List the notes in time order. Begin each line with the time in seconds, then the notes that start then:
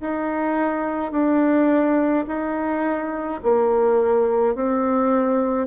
0.00 D#4
1.11 D4
2.27 D#4
3.43 A#3
4.55 C4